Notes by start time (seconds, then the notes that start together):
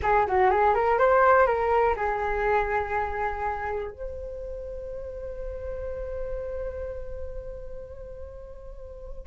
0.02 G#4
0.27 F#4
0.50 G#4
0.74 A#4
0.98 C5
1.46 A#4
1.96 G#4
3.90 C5